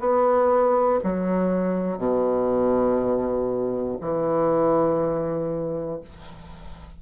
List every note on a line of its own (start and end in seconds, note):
0.00 1.00 B3
1.04 1.98 F#3
1.98 3.98 B2
4.00 6.00 E3